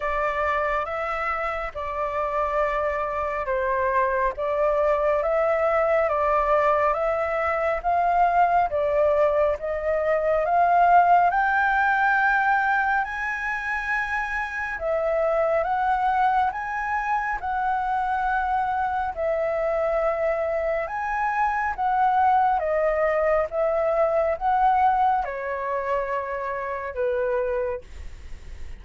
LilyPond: \new Staff \with { instrumentName = "flute" } { \time 4/4 \tempo 4 = 69 d''4 e''4 d''2 | c''4 d''4 e''4 d''4 | e''4 f''4 d''4 dis''4 | f''4 g''2 gis''4~ |
gis''4 e''4 fis''4 gis''4 | fis''2 e''2 | gis''4 fis''4 dis''4 e''4 | fis''4 cis''2 b'4 | }